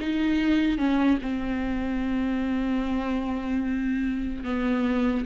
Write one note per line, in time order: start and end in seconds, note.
0.00 0.78 D#4
0.78 1.19 C#4
1.22 4.44 C4
4.44 5.26 B3